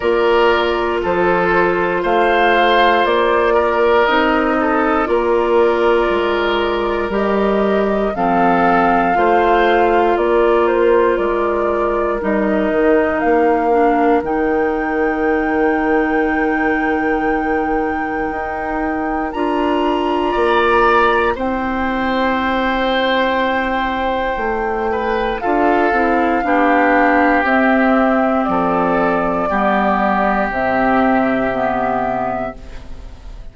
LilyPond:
<<
  \new Staff \with { instrumentName = "flute" } { \time 4/4 \tempo 4 = 59 d''4 c''4 f''4 d''4 | dis''4 d''2 dis''4 | f''2 d''8 c''8 d''4 | dis''4 f''4 g''2~ |
g''2. ais''4~ | ais''4 g''2.~ | g''4 f''2 e''4 | d''2 e''2 | }
  \new Staff \with { instrumentName = "oboe" } { \time 4/4 ais'4 a'4 c''4. ais'8~ | ais'8 a'8 ais'2. | a'4 c''4 ais'2~ | ais'1~ |
ais'1 | d''4 c''2.~ | c''8 b'8 a'4 g'2 | a'4 g'2. | }
  \new Staff \with { instrumentName = "clarinet" } { \time 4/4 f'1 | dis'4 f'2 g'4 | c'4 f'2. | dis'4. d'8 dis'2~ |
dis'2. f'4~ | f'4 e'2.~ | e'4 f'8 e'8 d'4 c'4~ | c'4 b4 c'4 b4 | }
  \new Staff \with { instrumentName = "bassoon" } { \time 4/4 ais4 f4 a4 ais4 | c'4 ais4 gis4 g4 | f4 a4 ais4 gis4 | g8 dis8 ais4 dis2~ |
dis2 dis'4 d'4 | ais4 c'2. | a4 d'8 c'8 b4 c'4 | f4 g4 c2 | }
>>